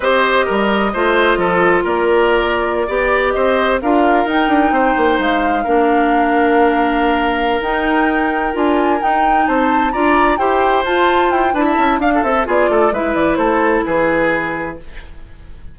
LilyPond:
<<
  \new Staff \with { instrumentName = "flute" } { \time 4/4 \tempo 4 = 130 dis''1 | d''2.~ d''16 dis''8.~ | dis''16 f''4 g''2 f''8.~ | f''1~ |
f''8 g''2 gis''4 g''8~ | g''8 a''4 ais''4 g''4 a''8~ | a''8 g''8 a''4 f''8 e''8 d''4 | e''8 d''8 c''4 b'2 | }
  \new Staff \with { instrumentName = "oboe" } { \time 4/4 c''4 ais'4 c''4 a'4 | ais'2~ ais'16 d''4 c''8.~ | c''16 ais'2 c''4.~ c''16~ | c''16 ais'2.~ ais'8.~ |
ais'1~ | ais'8 c''4 d''4 c''4.~ | c''4 b'16 e''8. f''16 a'8. gis'8 a'8 | b'4 a'4 gis'2 | }
  \new Staff \with { instrumentName = "clarinet" } { \time 4/4 g'2 f'2~ | f'2~ f'16 g'4.~ g'16~ | g'16 f'4 dis'2~ dis'8.~ | dis'16 d'2.~ d'8.~ |
d'8 dis'2 f'4 dis'8~ | dis'4. f'4 g'4 f'8~ | f'4 e'4 d'8 a'8 f'4 | e'1 | }
  \new Staff \with { instrumentName = "bassoon" } { \time 4/4 c'4 g4 a4 f4 | ais2~ ais16 b4 c'8.~ | c'16 d'4 dis'8 d'8 c'8 ais8 gis8.~ | gis16 ais2.~ ais8.~ |
ais8 dis'2 d'4 dis'8~ | dis'8 c'4 d'4 e'4 f'8~ | f'8 e'8 d'8 cis'8 d'8 c'8 b8 a8 | gis8 e8 a4 e2 | }
>>